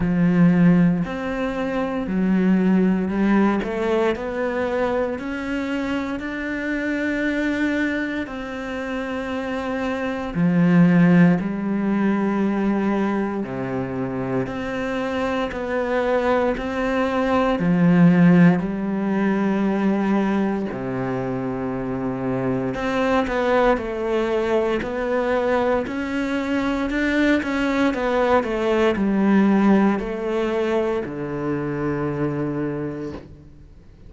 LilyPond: \new Staff \with { instrumentName = "cello" } { \time 4/4 \tempo 4 = 58 f4 c'4 fis4 g8 a8 | b4 cis'4 d'2 | c'2 f4 g4~ | g4 c4 c'4 b4 |
c'4 f4 g2 | c2 c'8 b8 a4 | b4 cis'4 d'8 cis'8 b8 a8 | g4 a4 d2 | }